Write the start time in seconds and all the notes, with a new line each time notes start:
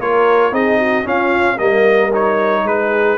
0.00 A#3 F4 A#4 C#5
0.52 C4 D#4 G#4 D#5
0.79 F#4
1.04 C#4 F4 F5
1.56 G3 A#3 A#4 D#5
2.13 D#4 C#5
2.64 G#3 G#4 B4